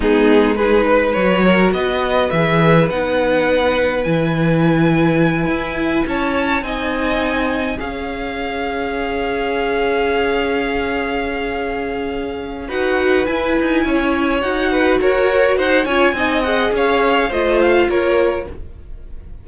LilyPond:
<<
  \new Staff \with { instrumentName = "violin" } { \time 4/4 \tempo 4 = 104 gis'4 b'4 cis''4 dis''4 | e''4 fis''2 gis''4~ | gis''2~ gis''8 a''4 gis''8~ | gis''4. f''2~ f''8~ |
f''1~ | f''2 fis''4 gis''4~ | gis''4 fis''4 cis''4 fis''8 gis''8~ | gis''8 fis''8 f''4 dis''8 f''8 cis''4 | }
  \new Staff \with { instrumentName = "violin" } { \time 4/4 dis'4 gis'8 b'4 ais'8 b'4~ | b'1~ | b'2~ b'8 cis''4 dis''8~ | dis''4. cis''2~ cis''8~ |
cis''1~ | cis''2 b'2 | cis''4. b'8 ais'4 c''8 cis''8 | dis''4 cis''4 c''4 ais'4 | }
  \new Staff \with { instrumentName = "viola" } { \time 4/4 b4 dis'4 fis'2 | gis'4 dis'2 e'4~ | e'2.~ e'8 dis'8~ | dis'4. gis'2~ gis'8~ |
gis'1~ | gis'2 fis'4 e'4~ | e'4 fis'2~ fis'8 f'8 | dis'8 gis'4. f'2 | }
  \new Staff \with { instrumentName = "cello" } { \time 4/4 gis2 fis4 b4 | e4 b2 e4~ | e4. e'4 cis'4 c'8~ | c'4. cis'2~ cis'8~ |
cis'1~ | cis'2 dis'4 e'8 dis'8 | cis'4 dis'4 fis'4 dis'8 cis'8 | c'4 cis'4 a4 ais4 | }
>>